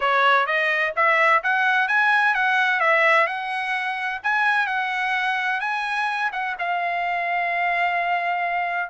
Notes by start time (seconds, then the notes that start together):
0.00 C#5
0.46 D#5
0.96 E5
1.43 F#5
1.87 G#5
2.34 F#5
2.80 E5
3.27 F#5
4.23 G#5
4.66 F#5
5.60 G#5
6.32 F#5
6.58 F5